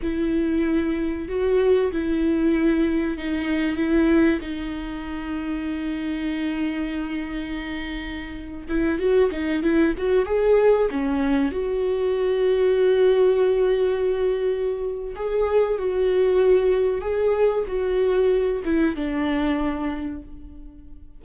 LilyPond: \new Staff \with { instrumentName = "viola" } { \time 4/4 \tempo 4 = 95 e'2 fis'4 e'4~ | e'4 dis'4 e'4 dis'4~ | dis'1~ | dis'4.~ dis'16 e'8 fis'8 dis'8 e'8 fis'16~ |
fis'16 gis'4 cis'4 fis'4.~ fis'16~ | fis'1 | gis'4 fis'2 gis'4 | fis'4. e'8 d'2 | }